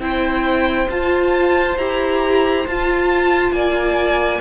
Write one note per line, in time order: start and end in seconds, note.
0.00 0.88 C4
0.00 0.89 E4
0.00 3.56 C5
0.00 0.90 G5
0.90 1.78 F4
0.90 1.78 A5
1.78 2.66 E4
1.78 2.68 G4
1.78 2.67 A#5
2.68 3.52 F4
2.68 4.42 F4
2.68 3.53 A5
3.52 4.40 A#3
3.52 4.42 D5
3.52 4.41 G#5